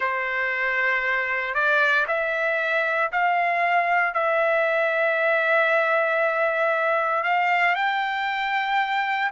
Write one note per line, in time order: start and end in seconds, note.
0.00 1.54 C5
1.54 2.05 D5
2.07 3.10 E5
3.12 4.14 F5
4.14 7.23 E5
7.23 7.75 F5
7.75 9.30 G5